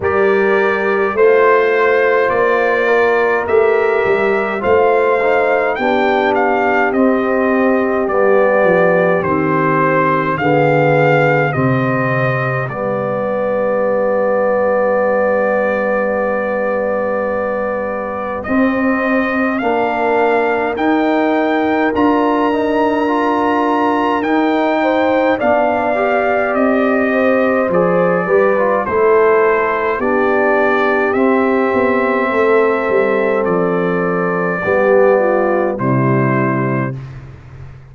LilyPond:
<<
  \new Staff \with { instrumentName = "trumpet" } { \time 4/4 \tempo 4 = 52 d''4 c''4 d''4 e''4 | f''4 g''8 f''8 dis''4 d''4 | c''4 f''4 dis''4 d''4~ | d''1 |
dis''4 f''4 g''4 ais''4~ | ais''4 g''4 f''4 dis''4 | d''4 c''4 d''4 e''4~ | e''4 d''2 c''4 | }
  \new Staff \with { instrumentName = "horn" } { \time 4/4 ais'4 c''4. ais'4. | c''4 g'2.~ | g'4 gis'4 g'2~ | g'1~ |
g'4 ais'2.~ | ais'4. c''8 d''4. c''8~ | c''8 b'8 a'4 g'2 | a'2 g'8 f'8 e'4 | }
  \new Staff \with { instrumentName = "trombone" } { \time 4/4 g'4 f'2 g'4 | f'8 dis'8 d'4 c'4 b4 | c'4 b4 c'4 b4~ | b1 |
c'4 d'4 dis'4 f'8 dis'8 | f'4 dis'4 d'8 g'4. | gis'8 g'16 f'16 e'4 d'4 c'4~ | c'2 b4 g4 | }
  \new Staff \with { instrumentName = "tuba" } { \time 4/4 g4 a4 ais4 a8 g8 | a4 b4 c'4 g8 f8 | dis4 d4 c4 g4~ | g1 |
c'4 ais4 dis'4 d'4~ | d'4 dis'4 b4 c'4 | f8 g8 a4 b4 c'8 b8 | a8 g8 f4 g4 c4 | }
>>